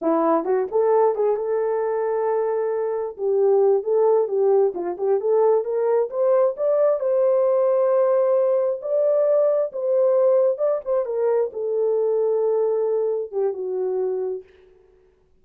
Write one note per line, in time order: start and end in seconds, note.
0.01 0.44 E4
0.44 0.67 F#4
0.71 1.15 A4
1.15 1.36 G#4
1.36 3.16 A4
3.17 3.83 G4
3.83 4.28 A4
4.28 4.73 G4
4.74 4.96 F4
4.97 5.20 G4
5.20 5.64 A4
5.64 6.09 A#4
6.10 6.55 C5
6.56 7.00 D5
7.00 8.80 C5
8.81 9.72 D5
9.72 10.58 C5
10.58 10.80 D5
10.84 11.05 C5
11.05 11.50 A#4
11.52 13.31 A4
13.31 13.53 G4
13.53 14.43 F#4